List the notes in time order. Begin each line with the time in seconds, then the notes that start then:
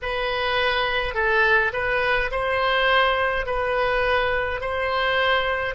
0.02 B4
1.14 A4
1.73 B4
2.31 C5
3.46 B4
4.60 C5